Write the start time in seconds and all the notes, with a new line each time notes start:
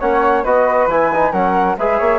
0.00 A#3 C#4 C#5 F#5
0.44 B3 F#4 B4 D#5
0.87 E3 E4 G#5
1.13 D#4
1.32 F#3 C#4 A#4 F#5
1.78 G#3 G#4 B4 E5
1.99 A#3 C#5